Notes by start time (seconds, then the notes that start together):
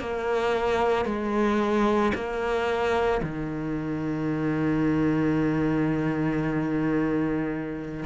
0.00 A#3
1.05 G#3
2.14 A#3
3.22 D#3